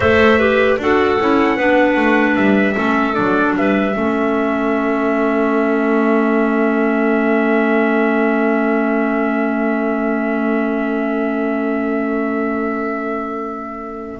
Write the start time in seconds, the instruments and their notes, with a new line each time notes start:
0.00 double bass A3, clarinet A4 C5, trumpet E5
0.38 clarinet G4 B4
0.78 double bass D4, clarinet F#4 A4, trumpet F#5
1.19 double bass C#4, clarinet E4
1.56 double bass B3, clarinet D4 B4
1.96 double bass A3
2.36 double bass G3, trumpet E5
2.74 double bass A3, clarinet C#4 A4
3.13 double bass F#3, clarinet D4, trumpet D5
3.56 double bass G3, clarinet B4, trumpet E5
3.93 double bass A3, clarinet C#4 A4